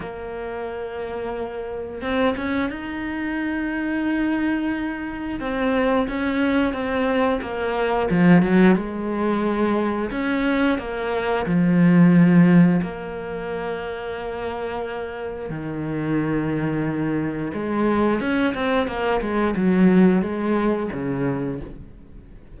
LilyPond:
\new Staff \with { instrumentName = "cello" } { \time 4/4 \tempo 4 = 89 ais2. c'8 cis'8 | dis'1 | c'4 cis'4 c'4 ais4 | f8 fis8 gis2 cis'4 |
ais4 f2 ais4~ | ais2. dis4~ | dis2 gis4 cis'8 c'8 | ais8 gis8 fis4 gis4 cis4 | }